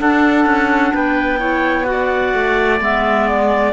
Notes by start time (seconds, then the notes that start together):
0.00 D4 A4 F#5
0.46 C#4
0.94 B3 B4 G5
1.39 E4 C#5
1.85 F#4 F#5
1.91 D5
2.34 A3
2.80 G#3 B3 E5
3.29 D5